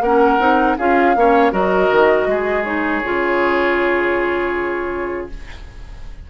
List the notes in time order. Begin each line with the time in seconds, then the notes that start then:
0.00 A#3 C#4 A#4 F#5
0.39 C4 D#4
0.77 C#4 F4 G#4 F5
1.15 A#3 C#4 C#5
1.51 F#3 F#4 A#4 D#5
1.91 D#3
2.26 G#3 G#4
2.64 D#4 C#5
3.04 C#3 F4